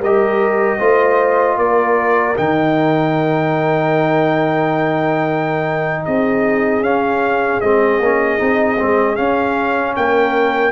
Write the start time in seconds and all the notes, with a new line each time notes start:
0.00 G3 G4 A#4 D#5
0.79 A3 F4 C5
1.57 A#3 A#4 D5
2.37 D#3 D#4 G5
6.06 C4 G#4 D#5
6.81 C#4 F5
7.61 G#3 C4 D#5
8.00 A#3 C#4
8.38 C4 D#4
8.79 G#3 C4
9.16 C#4 F5
9.96 A#3 A#4 G5